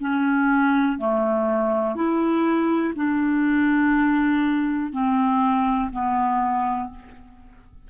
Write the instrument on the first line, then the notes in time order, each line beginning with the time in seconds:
clarinet
0.00 C#4
0.98 A3
1.95 E4
2.95 D4
4.92 C4
5.92 B3